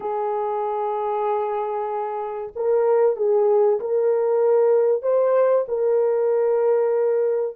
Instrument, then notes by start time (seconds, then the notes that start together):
horn
0.00 G#4
2.55 A#4
3.16 G#4
3.80 A#4
5.02 C5
5.68 A#4